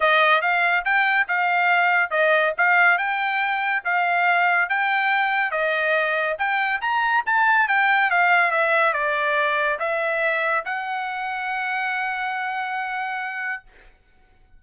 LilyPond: \new Staff \with { instrumentName = "trumpet" } { \time 4/4 \tempo 4 = 141 dis''4 f''4 g''4 f''4~ | f''4 dis''4 f''4 g''4~ | g''4 f''2 g''4~ | g''4 dis''2 g''4 |
ais''4 a''4 g''4 f''4 | e''4 d''2 e''4~ | e''4 fis''2.~ | fis''1 | }